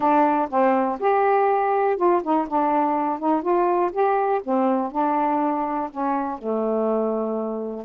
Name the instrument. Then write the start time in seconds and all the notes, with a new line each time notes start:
saxophone
0.00 D4
0.50 C4
0.99 G4
1.96 F4
2.23 D#4
2.48 D4
3.19 D#4
3.42 F4
3.92 G4
4.43 C4
4.91 D4
5.91 C#4
6.38 A3